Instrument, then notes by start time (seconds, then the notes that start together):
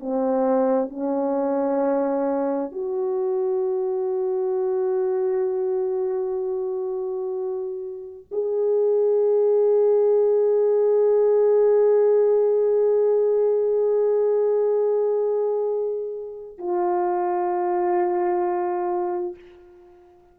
horn
0.00 C4
0.89 C#4
2.71 F#4
8.31 G#4
16.58 F4